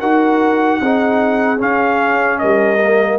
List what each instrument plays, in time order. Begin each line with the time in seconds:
0.00 tuba D#4, trombone F#4, horn A#4, trumpet F#5
0.81 tuba C4, trombone D#4, horn G#4
1.58 trombone C#4, tuba C#4, trumpet F5
2.39 tuba G3, horn A#4, trumpet D#5
2.82 trombone A#3